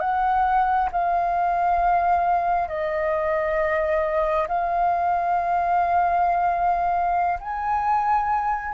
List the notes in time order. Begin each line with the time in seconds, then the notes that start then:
0.00 F#5
0.92 F5
2.69 D#5
4.48 F5
7.40 G#5